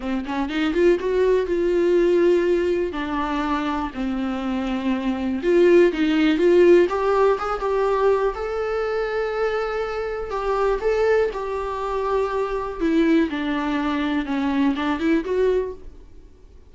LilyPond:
\new Staff \with { instrumentName = "viola" } { \time 4/4 \tempo 4 = 122 c'8 cis'8 dis'8 f'8 fis'4 f'4~ | f'2 d'2 | c'2. f'4 | dis'4 f'4 g'4 gis'8 g'8~ |
g'4 a'2.~ | a'4 g'4 a'4 g'4~ | g'2 e'4 d'4~ | d'4 cis'4 d'8 e'8 fis'4 | }